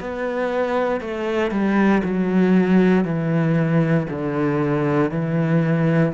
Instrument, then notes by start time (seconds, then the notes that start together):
cello
0.00 B3
1.01 A3
1.51 G3
2.04 F#3
3.05 E3
4.10 D3
5.11 E3